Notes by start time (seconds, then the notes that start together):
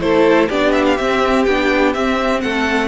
0.00 A3 E4 A4 C5
0.49 B3 D4 G4 D5
0.72 E5
0.86 F5
0.97 C4 E5
1.44 B3 D4 G5
1.94 C4 E5
2.41 A3 A4 F#5